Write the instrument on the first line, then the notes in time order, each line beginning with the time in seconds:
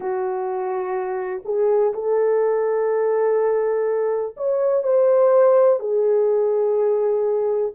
horn
0.00 F#4
1.45 G#4
1.93 A4
4.36 C#5
4.83 C5
5.79 G#4